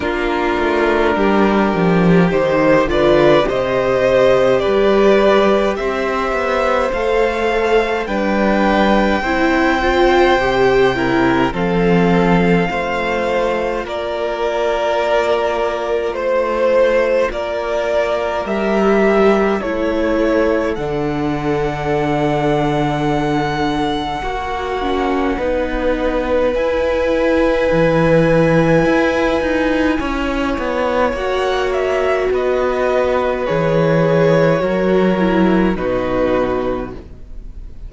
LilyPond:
<<
  \new Staff \with { instrumentName = "violin" } { \time 4/4 \tempo 4 = 52 ais'2 c''8 d''8 dis''4 | d''4 e''4 f''4 g''4~ | g''2 f''2 | d''2 c''4 d''4 |
e''4 cis''4 fis''2~ | fis''2. gis''4~ | gis''2. fis''8 e''8 | dis''4 cis''2 b'4 | }
  \new Staff \with { instrumentName = "violin" } { \time 4/4 f'4 g'4. b'8 c''4 | b'4 c''2 b'4 | c''4. ais'8 a'4 c''4 | ais'2 c''4 ais'4~ |
ais'4 a'2.~ | a'4 fis'4 b'2~ | b'2 cis''2 | b'2 ais'4 fis'4 | }
  \new Staff \with { instrumentName = "viola" } { \time 4/4 d'2 dis'8 f'8 g'4~ | g'2 a'4 d'4 | e'8 f'8 g'8 e'8 c'4 f'4~ | f'1 |
g'4 e'4 d'2~ | d'4 fis'8 cis'8 dis'4 e'4~ | e'2. fis'4~ | fis'4 gis'4 fis'8 e'8 dis'4 | }
  \new Staff \with { instrumentName = "cello" } { \time 4/4 ais8 a8 g8 f8 dis8 d8 c4 | g4 c'8 b8 a4 g4 | c'4 c4 f4 a4 | ais2 a4 ais4 |
g4 a4 d2~ | d4 ais4 b4 e'4 | e4 e'8 dis'8 cis'8 b8 ais4 | b4 e4 fis4 b,4 | }
>>